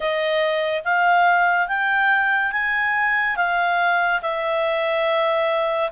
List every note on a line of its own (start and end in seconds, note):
0.00 0.82 D#5
0.84 1.67 F5
1.67 2.52 G5
2.52 3.36 G#5
3.36 4.21 F5
4.21 5.90 E5